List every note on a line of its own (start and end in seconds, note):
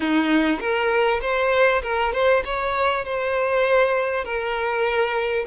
0.00 0.60 D#4
0.60 1.20 A#4
1.21 1.82 C5
1.82 2.12 A#4
2.12 2.43 C5
2.45 3.04 C#5
3.04 4.24 C5
4.24 5.45 A#4